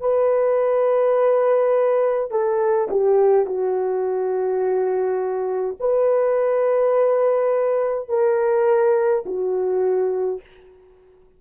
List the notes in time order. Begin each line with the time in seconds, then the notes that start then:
0.00 B4
2.31 A4
2.91 G4
3.46 F#4
5.80 B4
8.09 A#4
9.26 F#4